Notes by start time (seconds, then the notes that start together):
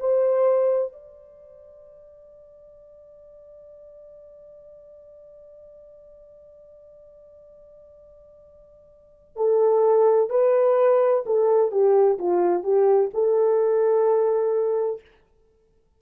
0.00 C5
0.93 D5
9.37 A4
10.30 B4
11.26 A4
11.71 G4
12.19 F4
12.63 G4
13.14 A4